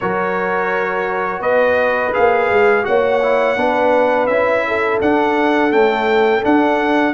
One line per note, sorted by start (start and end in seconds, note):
0.00 1.39 F#3
0.00 2.13 F#4
0.00 1.41 A#4
0.00 1.41 C#5
1.39 2.11 B3
1.39 2.84 B4
1.39 2.13 D#5
2.13 2.49 A#3
2.13 2.83 G#4
2.13 2.85 F5
2.49 2.85 G#3
2.83 3.56 A#3
2.83 3.19 F#4
2.83 3.57 C#5
2.83 4.26 F#5
3.22 3.56 E4
3.56 4.27 B3
3.56 4.28 D4
3.56 4.64 B4
4.26 4.99 C#4
4.26 5.01 E4
4.26 4.98 E5
4.67 7.14 A4
5.01 5.72 D4
5.01 5.71 D4
5.01 5.72 F#5
5.71 6.42 A3
5.71 6.43 C#4
5.71 6.43 G5
6.42 7.13 D4
6.42 7.14 D4
6.42 7.14 F#5